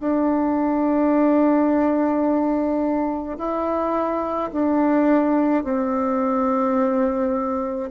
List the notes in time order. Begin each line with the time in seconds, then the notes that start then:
0.00 D4
3.38 E4
4.52 D4
5.63 C4